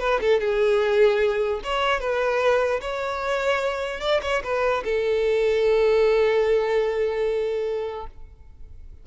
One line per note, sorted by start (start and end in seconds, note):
0.00 0.20 B4
0.21 0.40 A4
0.40 1.61 G#4
1.64 2.00 C#5
2.00 2.81 B4
2.81 4.01 C#5
4.01 4.21 D5
4.22 4.43 C#5
4.44 4.84 B4
4.85 8.07 A4